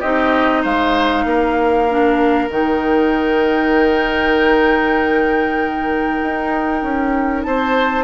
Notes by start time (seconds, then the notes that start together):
0.00 C4 D#4 G4 D#5
0.62 G#3 C5 F5
1.24 A#3 A#4
1.90 D4
2.49 D#3 D#4 G5
6.22 D#4
6.82 C#4
7.43 C4 C5 A5